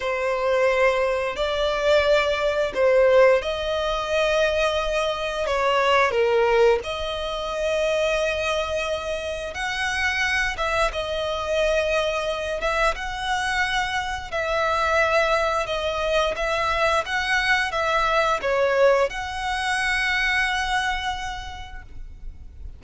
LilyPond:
\new Staff \with { instrumentName = "violin" } { \time 4/4 \tempo 4 = 88 c''2 d''2 | c''4 dis''2. | cis''4 ais'4 dis''2~ | dis''2 fis''4. e''8 |
dis''2~ dis''8 e''8 fis''4~ | fis''4 e''2 dis''4 | e''4 fis''4 e''4 cis''4 | fis''1 | }